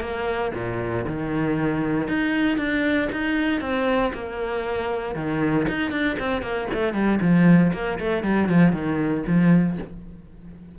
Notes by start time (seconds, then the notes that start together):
0.00 A#3
0.54 A#2
1.07 D#3
2.08 D#4
2.57 D4
3.12 D#4
3.60 C4
4.13 A#3
5.15 D#3
5.68 D#4
5.91 D4
6.19 C4
6.41 A#3
6.73 A3
6.93 G3
7.21 F3
7.73 A#3
7.99 A3
8.23 G3
8.48 F3
8.72 D#3
9.27 F3